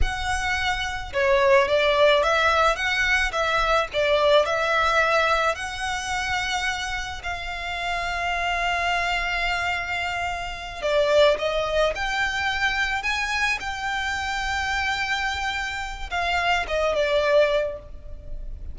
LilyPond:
\new Staff \with { instrumentName = "violin" } { \time 4/4 \tempo 4 = 108 fis''2 cis''4 d''4 | e''4 fis''4 e''4 d''4 | e''2 fis''2~ | fis''4 f''2.~ |
f''2.~ f''8 d''8~ | d''8 dis''4 g''2 gis''8~ | gis''8 g''2.~ g''8~ | g''4 f''4 dis''8 d''4. | }